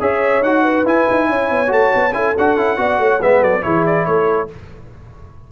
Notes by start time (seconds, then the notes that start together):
0.00 C#4 G#4 C#5 E5
0.41 D#4 F#4 F#5
0.62 B4
0.85 E4 G#5
1.10 D#4
1.29 C#4 C#5
1.50 B3
1.67 A3 F#4 A5
1.95 B3
2.11 C#4 E4 A4 G#5
2.37 D4 F#4 F#5
2.57 C#4 E4
2.77 B3 F#4 D5
2.98 A3 C#5
3.21 G#3 B3 B4 E5
3.41 F#3 A4 D5
3.62 E3 E4 G#4 C#5
3.86 D5
4.05 A3 A4 C#5